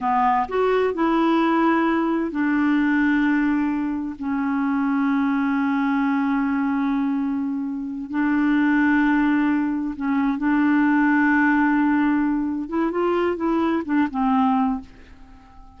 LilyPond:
\new Staff \with { instrumentName = "clarinet" } { \time 4/4 \tempo 4 = 130 b4 fis'4 e'2~ | e'4 d'2.~ | d'4 cis'2.~ | cis'1~ |
cis'4. d'2~ d'8~ | d'4. cis'4 d'4.~ | d'2.~ d'8 e'8 | f'4 e'4 d'8 c'4. | }